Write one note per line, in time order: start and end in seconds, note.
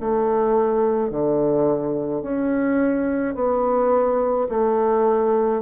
0.00 1.10 A3
1.10 2.22 D3
2.22 3.35 C#4
3.35 4.48 B3
4.49 5.62 A3